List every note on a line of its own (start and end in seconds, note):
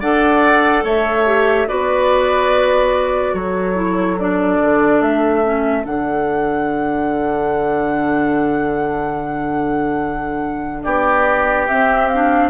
0.00 0.84 D4
0.00 1.26 A4
0.00 0.83 D5
0.00 0.84 F#5
0.84 1.67 A3
0.84 1.67 C#5
0.84 1.68 E5
1.26 1.67 G4
1.67 3.33 B3
1.67 3.75 F#4
1.67 3.33 B4
1.67 3.34 D5
3.33 4.58 F#3
3.33 10.83 A4
3.33 4.18 C#5
3.75 4.16 E4
4.19 5.44 D4
4.19 5.02 D5
4.61 5.01 D3
5.01 5.84 A3
5.01 5.85 E5
5.44 5.82 C#4
5.82 10.85 D3
5.82 11.65 D4
5.82 10.83 F#5
10.83 11.68 B3
10.83 12.50 G4
10.83 11.66 D5
11.67 12.10 C4
11.67 12.50 C4
11.67 12.07 E5
12.07 12.49 F5
12.14 12.50 D4